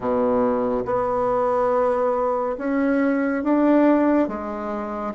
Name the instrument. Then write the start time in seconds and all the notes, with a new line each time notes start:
bassoon
0.00 B2
0.85 B3
2.58 C#4
3.43 D4
4.27 G#3